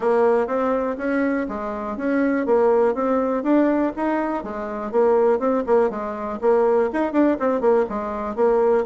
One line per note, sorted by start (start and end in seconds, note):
0.00 0.47 A#3
0.47 0.96 C4
0.97 1.46 C#4
1.48 1.97 G#3
1.97 2.46 C#4
2.46 2.94 A#3
2.94 3.43 C4
3.43 3.92 D4
3.96 4.43 D#4
4.43 4.91 G#3
4.91 5.39 A#3
5.39 5.63 C4
5.66 5.90 A#3
5.90 6.39 G#3
6.41 6.90 A#3
6.92 7.12 D#4
7.12 7.37 D4
7.39 7.60 C4
7.60 7.85 A#3
7.89 8.35 G#3
8.35 8.84 A#3